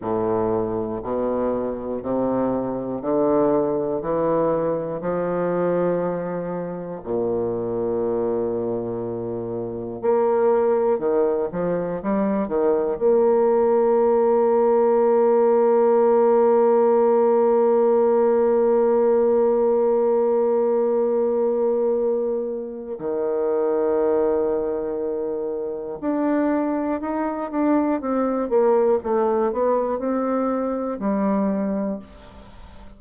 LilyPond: \new Staff \with { instrumentName = "bassoon" } { \time 4/4 \tempo 4 = 60 a,4 b,4 c4 d4 | e4 f2 ais,4~ | ais,2 ais4 dis8 f8 | g8 dis8 ais2.~ |
ais1~ | ais2. dis4~ | dis2 d'4 dis'8 d'8 | c'8 ais8 a8 b8 c'4 g4 | }